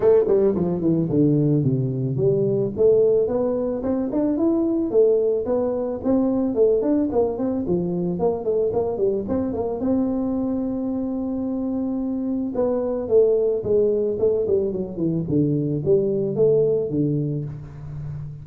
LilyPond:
\new Staff \with { instrumentName = "tuba" } { \time 4/4 \tempo 4 = 110 a8 g8 f8 e8 d4 c4 | g4 a4 b4 c'8 d'8 | e'4 a4 b4 c'4 | a8 d'8 ais8 c'8 f4 ais8 a8 |
ais8 g8 c'8 ais8 c'2~ | c'2. b4 | a4 gis4 a8 g8 fis8 e8 | d4 g4 a4 d4 | }